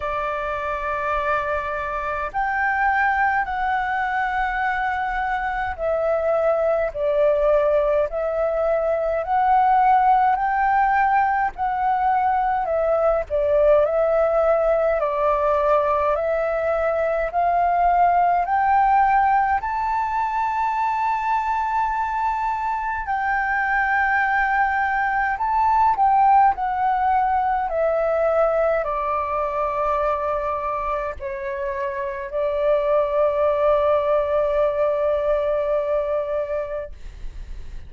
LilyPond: \new Staff \with { instrumentName = "flute" } { \time 4/4 \tempo 4 = 52 d''2 g''4 fis''4~ | fis''4 e''4 d''4 e''4 | fis''4 g''4 fis''4 e''8 d''8 | e''4 d''4 e''4 f''4 |
g''4 a''2. | g''2 a''8 g''8 fis''4 | e''4 d''2 cis''4 | d''1 | }